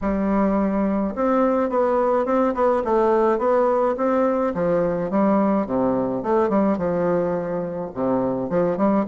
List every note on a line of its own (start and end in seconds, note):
0.01 1.14 G3
1.15 1.69 C4
1.69 2.25 B3
2.25 2.54 C4
2.54 2.82 B3
2.84 3.38 A3
3.38 3.95 B3
3.97 4.53 C4
4.54 5.10 F3
5.10 5.66 G3
5.66 6.23 C3
6.23 6.49 A3
6.49 6.77 G3
6.77 7.90 F3
7.94 8.49 C3
8.49 8.77 F3
8.77 9.05 G3